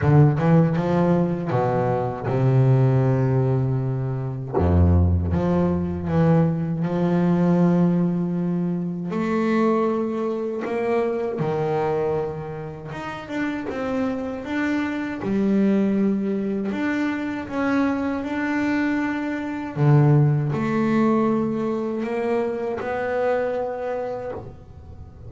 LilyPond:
\new Staff \with { instrumentName = "double bass" } { \time 4/4 \tempo 4 = 79 d8 e8 f4 b,4 c4~ | c2 f,4 f4 | e4 f2. | a2 ais4 dis4~ |
dis4 dis'8 d'8 c'4 d'4 | g2 d'4 cis'4 | d'2 d4 a4~ | a4 ais4 b2 | }